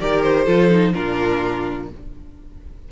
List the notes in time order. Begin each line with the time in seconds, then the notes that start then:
0.00 D#3 G4 A#4 D5
0.22 C5
0.45 F3 F4 A4
0.71 D#4
0.94 A#2 D4 F4 A#4